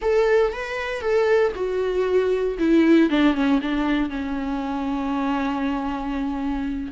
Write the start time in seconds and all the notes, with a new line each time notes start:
0.01 A4
0.52 B4
1.01 A4
1.55 F#4
2.58 E4
3.09 D4
3.34 C#4
3.61 D4
4.09 C#4